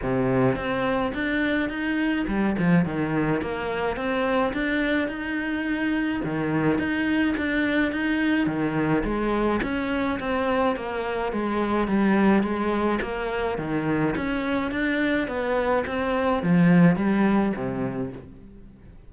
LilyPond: \new Staff \with { instrumentName = "cello" } { \time 4/4 \tempo 4 = 106 c4 c'4 d'4 dis'4 | g8 f8 dis4 ais4 c'4 | d'4 dis'2 dis4 | dis'4 d'4 dis'4 dis4 |
gis4 cis'4 c'4 ais4 | gis4 g4 gis4 ais4 | dis4 cis'4 d'4 b4 | c'4 f4 g4 c4 | }